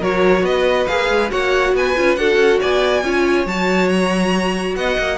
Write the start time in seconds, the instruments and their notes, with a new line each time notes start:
0.00 cello F#3, viola F#4, violin A#4 C#5
0.42 cello B3, violin B4 D#5
0.87 cello A#3, viola G#4, violin F5
1.09 cello G#3
1.30 cello A#3, viola F#4, violin C#5 F#5
1.74 cello B3, violin B4 G#5
1.96 cello C#4, viola F4
2.16 cello D4, viola F#4, violin A4 F#5
2.36 cello C#4
2.60 cello B3, violin D5 G#5
3.03 cello C#4, viola F4, violin C#5
3.46 cello F#3, viola F#4, violin A5
3.89 violin A#5
4.76 cello B3, violin D#5 F#5
4.98 cello A#3